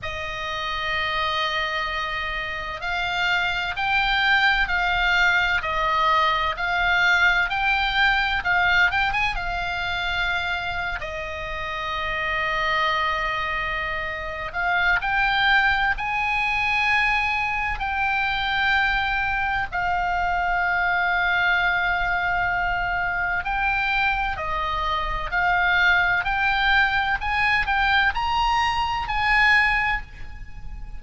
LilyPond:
\new Staff \with { instrumentName = "oboe" } { \time 4/4 \tempo 4 = 64 dis''2. f''4 | g''4 f''4 dis''4 f''4 | g''4 f''8 g''16 gis''16 f''4.~ f''16 dis''16~ | dis''2.~ dis''8 f''8 |
g''4 gis''2 g''4~ | g''4 f''2.~ | f''4 g''4 dis''4 f''4 | g''4 gis''8 g''8 ais''4 gis''4 | }